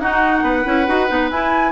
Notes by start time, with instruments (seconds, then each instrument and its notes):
0.00 bassoon D#4, clarinet D#4, oboe F#4, flute F#5
0.42 bassoon B3, oboe B4
0.65 bassoon C#4, clarinet E4
0.87 bassoon D#4, clarinet F#4
1.08 bassoon B3, clarinet D#4
1.30 bassoon E4, clarinet E4, flute G#5